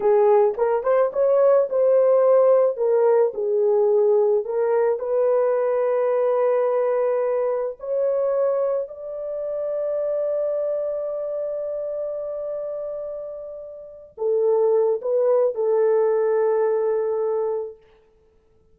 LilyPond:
\new Staff \with { instrumentName = "horn" } { \time 4/4 \tempo 4 = 108 gis'4 ais'8 c''8 cis''4 c''4~ | c''4 ais'4 gis'2 | ais'4 b'2.~ | b'2 cis''2 |
d''1~ | d''1~ | d''4. a'4. b'4 | a'1 | }